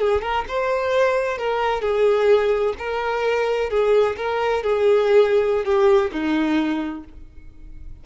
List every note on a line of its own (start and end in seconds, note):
0.00 0.22 G#4
0.22 0.45 A#4
0.48 1.38 C5
1.38 1.82 A#4
1.82 2.74 G#4
2.78 3.70 A#4
3.70 4.16 G#4
4.17 4.63 A#4
4.63 5.65 G#4
5.65 6.11 G4
6.12 7.04 D#4